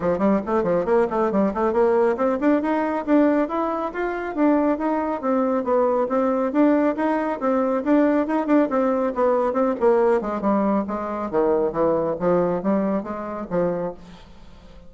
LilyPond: \new Staff \with { instrumentName = "bassoon" } { \time 4/4 \tempo 4 = 138 f8 g8 a8 f8 ais8 a8 g8 a8 | ais4 c'8 d'8 dis'4 d'4 | e'4 f'4 d'4 dis'4 | c'4 b4 c'4 d'4 |
dis'4 c'4 d'4 dis'8 d'8 | c'4 b4 c'8 ais4 gis8 | g4 gis4 dis4 e4 | f4 g4 gis4 f4 | }